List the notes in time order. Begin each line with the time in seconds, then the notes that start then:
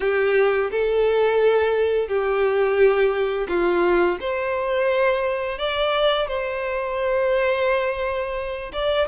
0.00 G4
0.71 A4
2.07 G4
3.48 F4
4.20 C5
5.58 D5
6.27 C5
8.72 D5